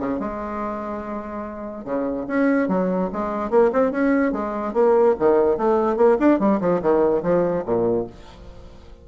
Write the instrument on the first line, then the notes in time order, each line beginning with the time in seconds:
bassoon
0.00 C#3
0.20 G#3
1.85 C#3
2.28 C#4
2.69 F#3
3.13 G#3
3.51 A#3
3.73 C4
3.92 C#4
4.32 G#3
4.74 A#3
5.19 D#3
5.58 A3
5.97 A#3
6.20 D4
6.40 G3
6.61 F3
6.82 D#3
7.23 F3
7.66 A#2